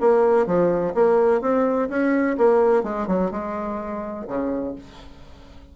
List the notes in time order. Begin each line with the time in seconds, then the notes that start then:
0.00 A#3
0.46 F3
0.94 A#3
1.41 C4
1.89 C#4
2.37 A#3
2.83 G#3
3.07 F#3
3.31 G#3
4.28 C#3